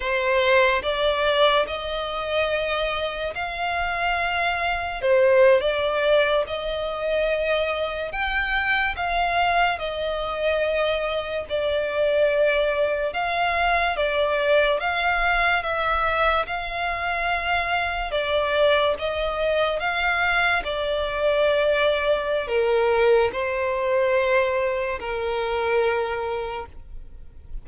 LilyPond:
\new Staff \with { instrumentName = "violin" } { \time 4/4 \tempo 4 = 72 c''4 d''4 dis''2 | f''2 c''8. d''4 dis''16~ | dis''4.~ dis''16 g''4 f''4 dis''16~ | dis''4.~ dis''16 d''2 f''16~ |
f''8. d''4 f''4 e''4 f''16~ | f''4.~ f''16 d''4 dis''4 f''16~ | f''8. d''2~ d''16 ais'4 | c''2 ais'2 | }